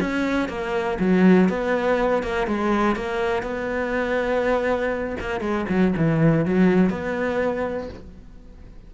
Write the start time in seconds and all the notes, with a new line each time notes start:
0.00 C#4
0.48 A#3
0.99 F#3
1.49 B3
2.23 A#3
2.47 G#3
2.96 A#3
3.43 B3
5.20 A#3
5.40 G#3
5.69 F#3
5.97 E3
6.45 F#3
6.90 B3